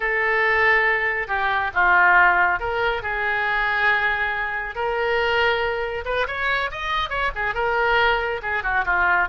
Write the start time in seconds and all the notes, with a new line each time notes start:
0.00 A4
1.27 G4
1.74 F4
2.59 A#4
3.02 G#4
4.75 A#4
6.05 B4
6.27 C#5
6.71 D#5
7.09 C#5
7.35 G#4
7.54 A#4
8.42 G#4
8.63 F#4
8.85 F4